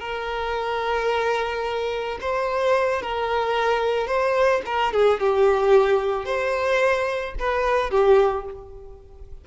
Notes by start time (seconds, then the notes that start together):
0.00 A#4
2.21 C5
3.02 A#4
4.07 C5
4.66 A#4
4.93 G#4
5.20 G4
6.25 C5
7.39 B4
7.90 G4